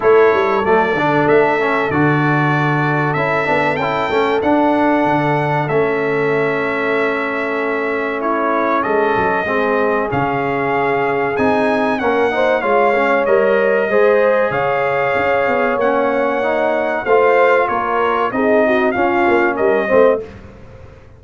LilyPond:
<<
  \new Staff \with { instrumentName = "trumpet" } { \time 4/4 \tempo 4 = 95 cis''4 d''4 e''4 d''4~ | d''4 e''4 g''4 fis''4~ | fis''4 e''2.~ | e''4 cis''4 dis''2 |
f''2 gis''4 fis''4 | f''4 dis''2 f''4~ | f''4 fis''2 f''4 | cis''4 dis''4 f''4 dis''4 | }
  \new Staff \with { instrumentName = "horn" } { \time 4/4 a'1~ | a'1~ | a'1~ | a'4 e'4 a'4 gis'4~ |
gis'2. ais'8 c''8 | cis''2 c''4 cis''4~ | cis''2. c''4 | ais'4 gis'8 fis'8 f'4 ais'8 c''8 | }
  \new Staff \with { instrumentName = "trombone" } { \time 4/4 e'4 a8 d'4 cis'8 fis'4~ | fis'4 e'8 d'8 e'8 cis'8 d'4~ | d'4 cis'2.~ | cis'2. c'4 |
cis'2 dis'4 cis'8 dis'8 | f'8 cis'8 ais'4 gis'2~ | gis'4 cis'4 dis'4 f'4~ | f'4 dis'4 cis'4. c'8 | }
  \new Staff \with { instrumentName = "tuba" } { \time 4/4 a8 g8 fis8 d8 a4 d4~ | d4 cis'8 b8 cis'8 a8 d'4 | d4 a2.~ | a2 gis8 fis8 gis4 |
cis2 c'4 ais4 | gis4 g4 gis4 cis4 | cis'8 b8 ais2 a4 | ais4 c'4 cis'8 ais8 g8 a8 | }
>>